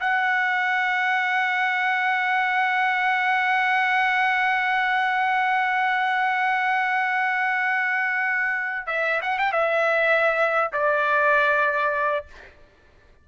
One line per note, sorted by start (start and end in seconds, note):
0.00 8.86 F#5
8.86 9.20 E5
9.22 9.38 F#5
9.38 9.52 G5
9.52 10.71 E5
10.72 12.26 D5